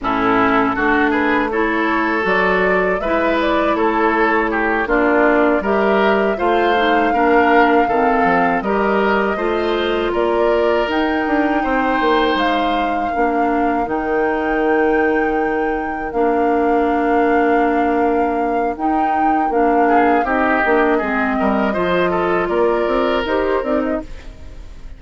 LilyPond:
<<
  \new Staff \with { instrumentName = "flute" } { \time 4/4 \tempo 4 = 80 a'4. b'8 cis''4 d''4 | e''8 d''8 cis''4. d''4 e''8~ | e''8 f''2. dis''8~ | dis''4. d''4 g''4.~ |
g''8 f''2 g''4.~ | g''4. f''2~ f''8~ | f''4 g''4 f''4 dis''4~ | dis''2 d''4 c''8 d''16 dis''16 | }
  \new Staff \with { instrumentName = "oboe" } { \time 4/4 e'4 fis'8 gis'8 a'2 | b'4 a'4 g'8 f'4 ais'8~ | ais'8 c''4 ais'4 a'4 ais'8~ | ais'8 c''4 ais'2 c''8~ |
c''4. ais'2~ ais'8~ | ais'1~ | ais'2~ ais'8 gis'8 g'4 | gis'8 ais'8 c''8 a'8 ais'2 | }
  \new Staff \with { instrumentName = "clarinet" } { \time 4/4 cis'4 d'4 e'4 fis'4 | e'2~ e'8 d'4 g'8~ | g'8 f'8 dis'8 d'4 c'4 g'8~ | g'8 f'2 dis'4.~ |
dis'4. d'4 dis'4.~ | dis'4. d'2~ d'8~ | d'4 dis'4 d'4 dis'8 d'8 | c'4 f'2 g'8 dis'8 | }
  \new Staff \with { instrumentName = "bassoon" } { \time 4/4 a,4 a2 fis4 | gis4 a4. ais4 g8~ | g8 a4 ais4 dis8 f8 g8~ | g8 a4 ais4 dis'8 d'8 c'8 |
ais8 gis4 ais4 dis4.~ | dis4. ais2~ ais8~ | ais4 dis'4 ais4 c'8 ais8 | gis8 g8 f4 ais8 c'8 dis'8 c'8 | }
>>